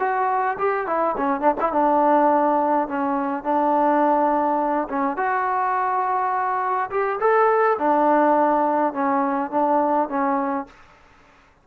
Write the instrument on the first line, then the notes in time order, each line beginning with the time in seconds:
trombone
0.00 F#4
0.59 G4
0.87 E4
1.17 C#4
1.41 D4
1.61 E4
1.73 D4
2.88 C#4
3.44 D4
4.89 C#4
5.17 F#4
6.91 G4
7.21 A4
7.79 D4
8.94 C#4
9.51 D4
10.09 C#4